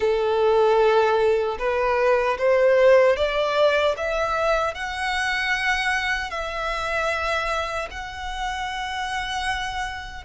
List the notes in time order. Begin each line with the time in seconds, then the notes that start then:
0.00 A4
1.58 B4
2.38 C5
3.16 D5
3.97 E5
4.74 F#5
6.30 E5
7.91 F#5